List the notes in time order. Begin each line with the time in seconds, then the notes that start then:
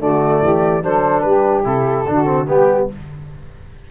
0.00 D3 A3 F#4 D5
0.42 E3 G4
0.83 F#3 D4 A4 C5
1.21 G3 G4 B4
1.64 C3 E4 A4
2.08 D3 D4 F#4
2.26 C4
2.48 G3 B3 G4